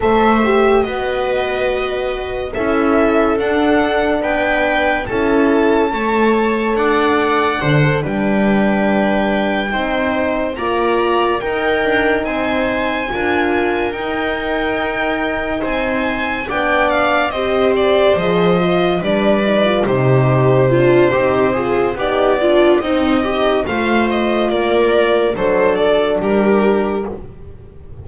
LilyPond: <<
  \new Staff \with { instrumentName = "violin" } { \time 4/4 \tempo 4 = 71 e''4 dis''2 e''4 | fis''4 g''4 a''2 | fis''4. g''2~ g''8~ | g''8 ais''4 g''4 gis''4.~ |
gis''8 g''2 gis''4 g''8 | f''8 dis''8 d''8 dis''4 d''4 c''8~ | c''2 d''4 dis''4 | f''8 dis''8 d''4 c''8 d''8 ais'4 | }
  \new Staff \with { instrumentName = "viola" } { \time 4/4 c''4 b'2 a'4~ | a'4 b'4 a'4 cis''4 | d''4 c''8 b'2 c''8~ | c''8 d''4 ais'4 c''4 ais'8~ |
ais'2~ ais'8 c''4 d''8~ | d''8 c''2 b'4 g'8~ | g'8 f'8 g'8 gis'8 g'8 f'8 dis'8 g'8 | c''4 ais'4 a'4 g'4 | }
  \new Staff \with { instrumentName = "horn" } { \time 4/4 a'8 g'8 fis'2 e'4 | d'2 e'4 a'4~ | a'4 d'16 a'16 d'2 dis'8~ | dis'8 f'4 dis'2 f'8~ |
f'8 dis'2. d'8~ | d'8 g'4 gis'8 f'8 d'8 dis'16 f'16 dis'8~ | dis'8 d'8 dis'8 f'8 dis'8 d'8 c'8 dis'8 | f'2 d'2 | }
  \new Staff \with { instrumentName = "double bass" } { \time 4/4 a4 b2 cis'4 | d'4 b4 cis'4 a4 | d'4 d8 g2 c'8~ | c'8 ais4 dis'8 d'8 c'4 d'8~ |
d'8 dis'2 c'4 b8~ | b8 c'4 f4 g4 c8~ | c4 c'4 b4 c'4 | a4 ais4 fis4 g4 | }
>>